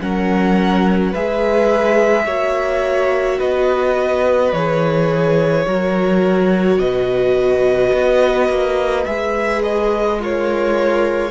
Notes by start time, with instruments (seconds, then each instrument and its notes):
0.00 cello F#3, viola C#4, violin A#4 F#5
1.11 cello G#3, viola G#4, violin B4 E5
2.25 cello A#3, viola F#4, violin C#5
3.38 cello B3, violin B4 D#5
4.52 cello E3, viola G#4, violin C#5
5.65 cello F#3, viola F#4, violin A#4
6.78 cello B2, violin B4 D#5
7.92 cello B3
8.49 cello A#3
9.05 cello G#3, viola G#4, violin E5
9.62 violin D#5
10.18 violin F4 C#5, viola A#4